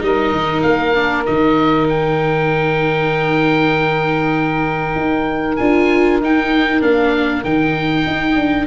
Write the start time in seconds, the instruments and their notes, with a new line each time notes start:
0.00 tuba G3, viola D#4, saxophone A#4, oboe D#5
0.31 tuba D#3
0.62 tuba A#3, oboe F5
0.95 viola D4
1.26 tuba D#3, viola D#4, oboe D#5
1.89 oboe G5
4.95 tuba D#4
5.56 tuba D4, viola F4, oboe G#5
6.21 tuba D#4, viola D#4, oboe G5
6.81 tuba A#3, viola D4, oboe F5
7.44 tuba D#3, viola D#4, oboe G5
8.07 tuba D#4
8.36 tuba D4